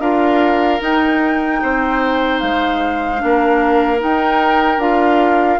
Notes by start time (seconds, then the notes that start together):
0.00 D4 F4 A#4 F5
0.80 D#4 G5
1.62 C4 C5
2.40 G#3 F5
3.18 A#3 D4
3.26 A#4
3.99 D#4 G5
4.78 D4 F4 F5